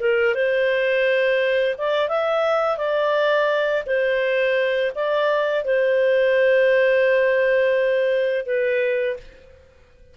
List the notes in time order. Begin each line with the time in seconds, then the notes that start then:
0.00 A#4
0.35 C5
1.78 D5
2.09 E5
2.78 D5
3.87 C5
4.95 D5
5.65 C5
8.46 B4